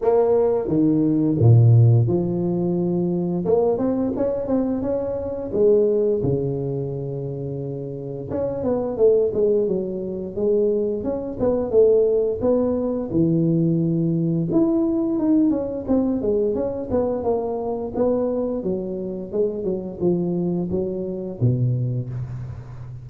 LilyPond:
\new Staff \with { instrumentName = "tuba" } { \time 4/4 \tempo 4 = 87 ais4 dis4 ais,4 f4~ | f4 ais8 c'8 cis'8 c'8 cis'4 | gis4 cis2. | cis'8 b8 a8 gis8 fis4 gis4 |
cis'8 b8 a4 b4 e4~ | e4 e'4 dis'8 cis'8 c'8 gis8 | cis'8 b8 ais4 b4 fis4 | gis8 fis8 f4 fis4 b,4 | }